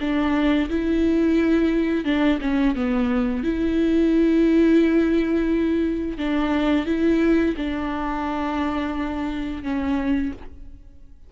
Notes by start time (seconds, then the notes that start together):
0.00 D4
0.69 E4
2.04 D4
2.41 C#4
2.76 B3
3.43 E4
6.18 D4
6.86 E4
7.56 D4
9.63 C#4